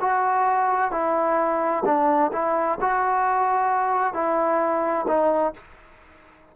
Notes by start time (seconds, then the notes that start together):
0.00 F#4
0.91 E4
1.85 D4
2.32 E4
2.80 F#4
4.13 E4
5.07 D#4